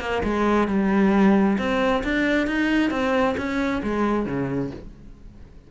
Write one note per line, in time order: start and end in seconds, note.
0.00 0.22 A#3
0.23 0.67 G#3
0.67 1.57 G3
1.58 2.03 C4
2.04 2.47 D4
2.47 2.90 D#4
2.90 3.35 C4
3.37 3.82 C#4
3.83 4.26 G#3
4.26 4.70 C#3